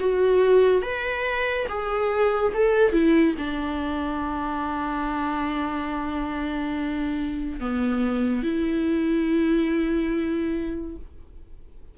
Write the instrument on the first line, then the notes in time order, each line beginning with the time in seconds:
viola
0.00 F#4
0.83 B4
1.69 G#4
2.54 A4
2.93 E4
3.39 D4
7.60 B3
8.44 E4